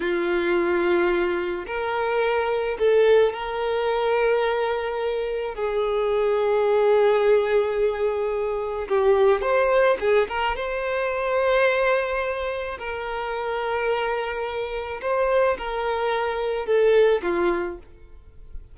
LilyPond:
\new Staff \with { instrumentName = "violin" } { \time 4/4 \tempo 4 = 108 f'2. ais'4~ | ais'4 a'4 ais'2~ | ais'2 gis'2~ | gis'1 |
g'4 c''4 gis'8 ais'8 c''4~ | c''2. ais'4~ | ais'2. c''4 | ais'2 a'4 f'4 | }